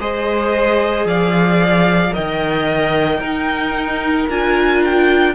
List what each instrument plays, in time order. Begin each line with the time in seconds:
0.00 cello G#3, viola G#4, violin C5 D#5
1.05 cello F3, violin D5 F5
2.12 cello D#3, viola A#4, violin D#5 G5
3.20 cello D#4, viola D#4, violin A#4
4.29 cello D4, viola F4, violin G#5
4.85 violin G5